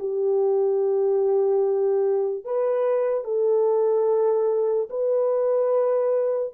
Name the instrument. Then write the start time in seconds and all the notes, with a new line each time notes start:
horn
0.00 G4
2.45 B4
3.25 A4
4.90 B4